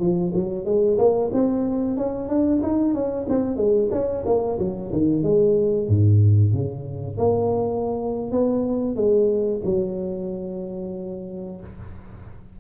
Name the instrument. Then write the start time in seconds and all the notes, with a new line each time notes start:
tuba
0.00 F3
0.34 F#3
0.65 G#3
0.98 A#3
1.33 C4
1.97 C#4
2.29 D4
2.63 D#4
2.94 C#4
3.29 C4
3.57 G#3
3.92 C#4
4.26 A#3
4.59 F#3
4.92 D#3
5.23 G#3
5.88 G#2
6.53 C#3
7.18 A#3
8.32 B3
8.96 G#3
9.65 F#3